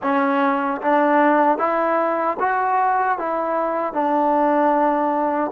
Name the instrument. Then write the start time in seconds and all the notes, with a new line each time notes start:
trombone
0.02 C#4
0.81 D4
1.58 E4
2.39 F#4
3.18 E4
3.93 D4